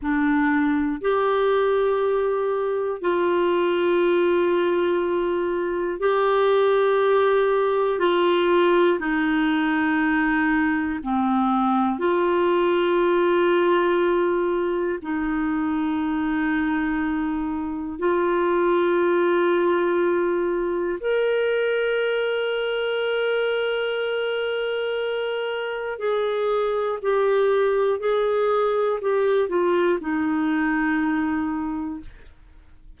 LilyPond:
\new Staff \with { instrumentName = "clarinet" } { \time 4/4 \tempo 4 = 60 d'4 g'2 f'4~ | f'2 g'2 | f'4 dis'2 c'4 | f'2. dis'4~ |
dis'2 f'2~ | f'4 ais'2.~ | ais'2 gis'4 g'4 | gis'4 g'8 f'8 dis'2 | }